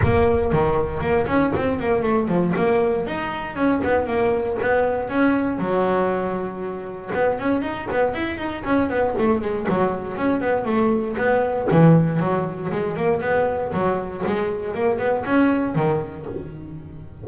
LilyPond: \new Staff \with { instrumentName = "double bass" } { \time 4/4 \tempo 4 = 118 ais4 dis4 ais8 cis'8 c'8 ais8 | a8 f8 ais4 dis'4 cis'8 b8 | ais4 b4 cis'4 fis4~ | fis2 b8 cis'8 dis'8 b8 |
e'8 dis'8 cis'8 b8 a8 gis8 fis4 | cis'8 b8 a4 b4 e4 | fis4 gis8 ais8 b4 fis4 | gis4 ais8 b8 cis'4 dis4 | }